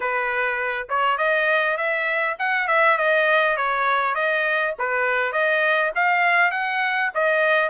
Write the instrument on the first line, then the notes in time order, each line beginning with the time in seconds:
trumpet
0.00 B4
0.89 C#5
1.17 D#5
1.77 E5
2.38 F#5
2.67 E5
2.97 D#5
3.56 C#5
4.14 D#5
4.78 B4
5.32 D#5
5.95 F5
6.51 F#5
7.14 D#5